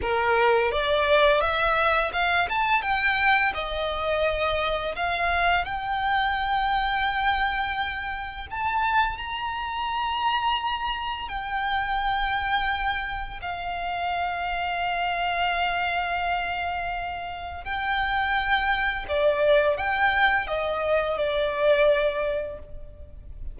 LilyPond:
\new Staff \with { instrumentName = "violin" } { \time 4/4 \tempo 4 = 85 ais'4 d''4 e''4 f''8 a''8 | g''4 dis''2 f''4 | g''1 | a''4 ais''2. |
g''2. f''4~ | f''1~ | f''4 g''2 d''4 | g''4 dis''4 d''2 | }